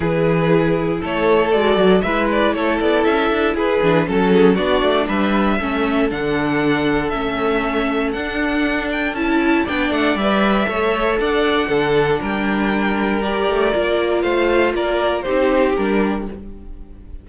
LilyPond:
<<
  \new Staff \with { instrumentName = "violin" } { \time 4/4 \tempo 4 = 118 b'2 cis''4 d''4 | e''8 d''8 cis''8 d''8 e''4 b'4 | a'4 d''4 e''2 | fis''2 e''2 |
fis''4. g''8 a''4 g''8 fis''8 | e''2 fis''2 | g''2 d''2 | f''4 d''4 c''4 ais'4 | }
  \new Staff \with { instrumentName = "violin" } { \time 4/4 gis'2 a'2 | b'4 a'2 gis'4 | a'8 gis'8 fis'4 b'4 a'4~ | a'1~ |
a'2. d''4~ | d''4 cis''4 d''4 a'4 | ais'1 | c''4 ais'4 g'2 | }
  \new Staff \with { instrumentName = "viola" } { \time 4/4 e'2. fis'4 | e'2.~ e'8 d'8 | cis'4 d'2 cis'4 | d'2 cis'2 |
d'2 e'4 d'4 | b'4 a'2 d'4~ | d'2 g'4 f'4~ | f'2 dis'4 d'4 | }
  \new Staff \with { instrumentName = "cello" } { \time 4/4 e2 a4 gis8 fis8 | gis4 a8 b8 cis'8 d'8 e'8 e8 | fis4 b8 a8 g4 a4 | d2 a2 |
d'2 cis'4 b8 a8 | g4 a4 d'4 d4 | g2~ g8 a8 ais4 | a4 ais4 c'4 g4 | }
>>